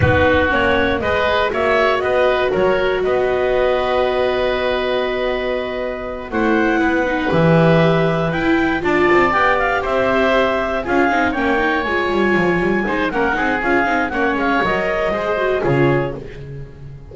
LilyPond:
<<
  \new Staff \with { instrumentName = "clarinet" } { \time 4/4 \tempo 4 = 119 b'4 cis''4 dis''4 e''4 | dis''4 cis''4 dis''2~ | dis''1~ | dis''8 fis''2 e''4.~ |
e''8 g''4 a''4 g''8 f''8 e''8~ | e''4. f''4 g''4 gis''8~ | gis''2 fis''4 f''4 | fis''8 f''8 dis''2 cis''4 | }
  \new Staff \with { instrumentName = "oboe" } { \time 4/4 fis'2 b'4 cis''4 | b'4 ais'4 b'2~ | b'1~ | b'8 c''4 b'2~ b'8~ |
b'4. d''2 c''8~ | c''4. gis'4 cis''4.~ | cis''4. c''8 ais'8 gis'4. | cis''2 c''4 gis'4 | }
  \new Staff \with { instrumentName = "viola" } { \time 4/4 dis'4 cis'4 gis'4 fis'4~ | fis'1~ | fis'1~ | fis'8 e'4. dis'8 g'4.~ |
g'8 e'4 f'4 g'4.~ | g'4. f'8 dis'8 cis'8 dis'8 f'8~ | f'4. dis'8 cis'8 dis'8 f'8 dis'8 | cis'4 ais'4 gis'8 fis'8 f'4 | }
  \new Staff \with { instrumentName = "double bass" } { \time 4/4 b4 ais4 gis4 ais4 | b4 fis4 b2~ | b1~ | b8 a4 b4 e4.~ |
e8 e'4 d'8 c'8 b4 c'8~ | c'4. cis'8 c'8 ais4 gis8 | g8 f8 g8 gis8 ais8 c'8 cis'8 c'8 | ais8 gis8 fis4 gis4 cis4 | }
>>